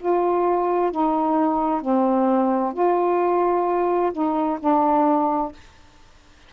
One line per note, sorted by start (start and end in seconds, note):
0.00 0.92 F4
0.92 1.82 D#4
1.82 2.74 C4
2.74 4.12 F4
4.13 4.59 D#4
4.60 5.53 D4